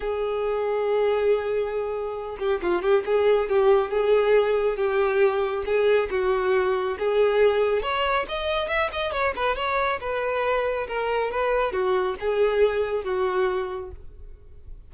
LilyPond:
\new Staff \with { instrumentName = "violin" } { \time 4/4 \tempo 4 = 138 gis'1~ | gis'4. g'8 f'8 g'8 gis'4 | g'4 gis'2 g'4~ | g'4 gis'4 fis'2 |
gis'2 cis''4 dis''4 | e''8 dis''8 cis''8 b'8 cis''4 b'4~ | b'4 ais'4 b'4 fis'4 | gis'2 fis'2 | }